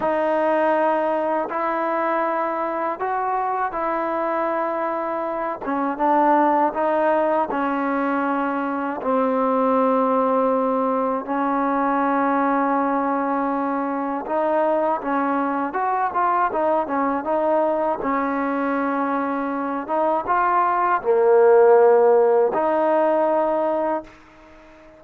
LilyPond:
\new Staff \with { instrumentName = "trombone" } { \time 4/4 \tempo 4 = 80 dis'2 e'2 | fis'4 e'2~ e'8 cis'8 | d'4 dis'4 cis'2 | c'2. cis'4~ |
cis'2. dis'4 | cis'4 fis'8 f'8 dis'8 cis'8 dis'4 | cis'2~ cis'8 dis'8 f'4 | ais2 dis'2 | }